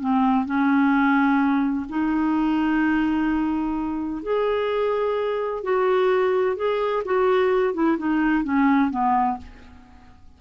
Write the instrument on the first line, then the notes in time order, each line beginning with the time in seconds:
clarinet
0.00 C4
0.45 C#4
1.89 D#4
4.23 G#4
5.64 F#4
6.56 G#4
7.05 F#4
7.74 E4
7.98 D#4
8.44 C#4
8.91 B3